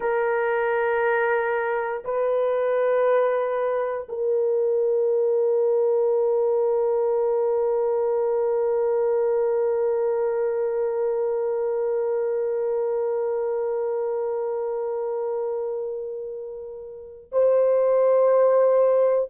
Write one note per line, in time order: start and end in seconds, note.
0.00 2.03 A#4
2.04 4.07 B4
4.08 17.30 A#4
17.32 19.29 C5